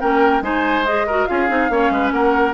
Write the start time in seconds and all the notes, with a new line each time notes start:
0.00 A#3 C#4 A#4 G5
0.41 G#3 D#4 C5 G#5
0.85 G#4 D#5
1.07 F#4 A#4
1.26 C#4 F4 G#4 F5
1.48 C4 D#4
1.69 A#3 C#4 C#5
1.90 G#3 B4
2.11 A#3 A#4 F#5